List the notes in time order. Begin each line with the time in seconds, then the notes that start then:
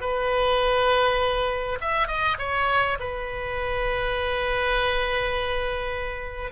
0.00 B4
1.80 E5
2.07 D#5
2.38 C#5
2.99 B4